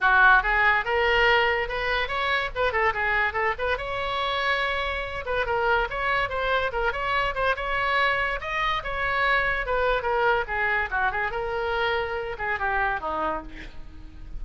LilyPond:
\new Staff \with { instrumentName = "oboe" } { \time 4/4 \tempo 4 = 143 fis'4 gis'4 ais'2 | b'4 cis''4 b'8 a'8 gis'4 | a'8 b'8 cis''2.~ | cis''8 b'8 ais'4 cis''4 c''4 |
ais'8 cis''4 c''8 cis''2 | dis''4 cis''2 b'4 | ais'4 gis'4 fis'8 gis'8 ais'4~ | ais'4. gis'8 g'4 dis'4 | }